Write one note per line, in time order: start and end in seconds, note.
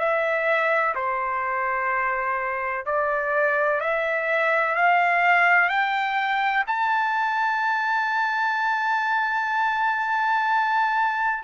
0.00 0.95 E5
0.96 2.86 C5
2.86 3.81 D5
3.81 4.76 E5
4.76 5.70 F5
5.70 6.65 G5
6.68 11.44 A5